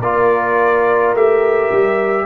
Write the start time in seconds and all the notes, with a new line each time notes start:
0.00 A#3 F4 A#4 D5
1.13 A3 G4 E5
1.72 G3